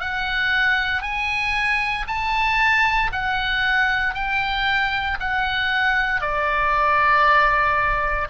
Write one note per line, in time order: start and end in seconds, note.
0.00 1.02 F#5
1.02 2.05 G#5
2.07 3.11 A5
3.12 4.14 F#5
4.14 5.18 G5
5.20 6.21 F#5
6.21 8.28 D5